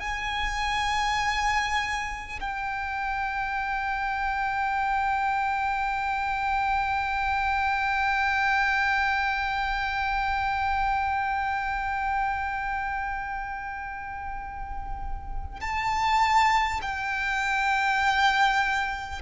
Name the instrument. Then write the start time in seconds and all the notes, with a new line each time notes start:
violin
0.00 G#5
2.41 G5
15.61 A5
16.82 G5